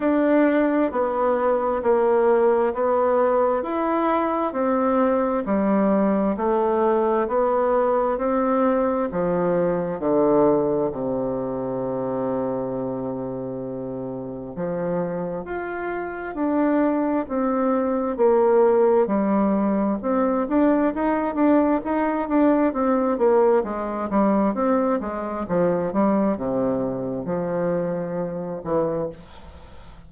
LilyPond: \new Staff \with { instrumentName = "bassoon" } { \time 4/4 \tempo 4 = 66 d'4 b4 ais4 b4 | e'4 c'4 g4 a4 | b4 c'4 f4 d4 | c1 |
f4 f'4 d'4 c'4 | ais4 g4 c'8 d'8 dis'8 d'8 | dis'8 d'8 c'8 ais8 gis8 g8 c'8 gis8 | f8 g8 c4 f4. e8 | }